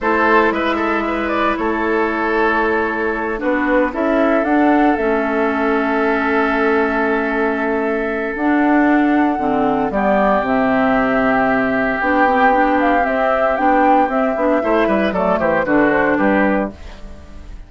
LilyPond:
<<
  \new Staff \with { instrumentName = "flute" } { \time 4/4 \tempo 4 = 115 c''4 e''4. d''8 cis''4~ | cis''2~ cis''8 b'4 e''8~ | e''8 fis''4 e''2~ e''8~ | e''1 |
fis''2. d''4 | e''2. g''4~ | g''8 f''8 e''4 g''4 e''4~ | e''4 d''8 c''8 b'8 c''8 b'4 | }
  \new Staff \with { instrumentName = "oboe" } { \time 4/4 a'4 b'8 a'8 b'4 a'4~ | a'2~ a'8 fis'4 a'8~ | a'1~ | a'1~ |
a'2. g'4~ | g'1~ | g'1 | c''8 b'8 a'8 g'8 fis'4 g'4 | }
  \new Staff \with { instrumentName = "clarinet" } { \time 4/4 e'1~ | e'2~ e'8 d'4 e'8~ | e'8 d'4 cis'2~ cis'8~ | cis'1 |
d'2 c'4 b4 | c'2. d'8 c'8 | d'4 c'4 d'4 c'8 d'8 | e'4 a4 d'2 | }
  \new Staff \with { instrumentName = "bassoon" } { \time 4/4 a4 gis2 a4~ | a2~ a8 b4 cis'8~ | cis'8 d'4 a2~ a8~ | a1 |
d'2 d4 g4 | c2. b4~ | b4 c'4 b4 c'8 b8 | a8 g8 fis8 e8 d4 g4 | }
>>